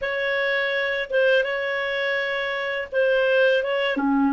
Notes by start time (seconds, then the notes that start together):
0.01 C#5
1.10 C5
1.43 C#5
2.91 C5
3.63 C#5
3.97 C#4